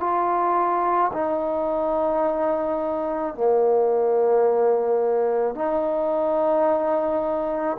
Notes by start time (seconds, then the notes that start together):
0.00 F4
1.13 D#4
3.34 A#3
5.55 D#4